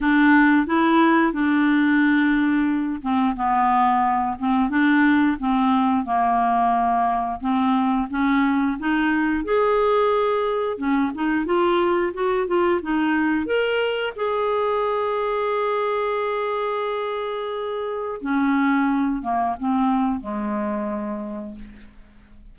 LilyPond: \new Staff \with { instrumentName = "clarinet" } { \time 4/4 \tempo 4 = 89 d'4 e'4 d'2~ | d'8 c'8 b4. c'8 d'4 | c'4 ais2 c'4 | cis'4 dis'4 gis'2 |
cis'8 dis'8 f'4 fis'8 f'8 dis'4 | ais'4 gis'2.~ | gis'2. cis'4~ | cis'8 ais8 c'4 gis2 | }